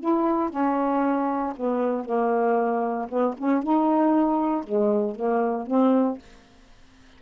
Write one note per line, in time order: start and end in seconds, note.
0.00 0.50 E4
0.50 1.54 C#4
1.56 2.05 B3
2.05 3.09 A#3
3.09 3.35 B3
3.38 3.63 C#4
3.63 4.64 D#4
4.64 5.16 G#3
5.16 5.67 A#3
5.67 6.19 C4